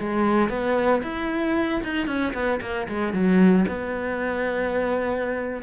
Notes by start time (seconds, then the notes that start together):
0.00 G#3
0.50 B3
1.03 E4
1.84 D#4
2.07 C#4
2.34 B3
2.61 A#3
2.89 G#3
3.13 F#3
3.68 B3